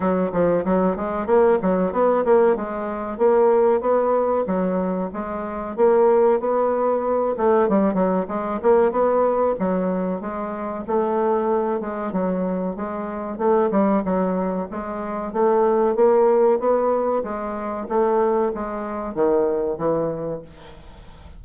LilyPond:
\new Staff \with { instrumentName = "bassoon" } { \time 4/4 \tempo 4 = 94 fis8 f8 fis8 gis8 ais8 fis8 b8 ais8 | gis4 ais4 b4 fis4 | gis4 ais4 b4. a8 | g8 fis8 gis8 ais8 b4 fis4 |
gis4 a4. gis8 fis4 | gis4 a8 g8 fis4 gis4 | a4 ais4 b4 gis4 | a4 gis4 dis4 e4 | }